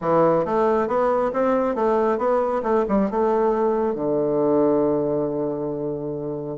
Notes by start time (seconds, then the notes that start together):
0.01 E3
0.45 A3
0.87 B3
1.33 C4
1.75 A3
2.18 B3
2.63 A3
2.88 G3
3.10 A3
3.94 D3